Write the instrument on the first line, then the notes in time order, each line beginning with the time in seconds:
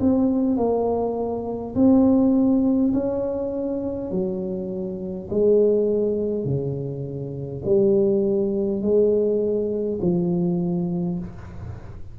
tuba
0.00 C4
0.57 A#3
1.75 C4
2.94 C#4
4.11 F#3
5.31 G#3
6.45 C#3
7.65 G3
8.82 G#3
10.02 F3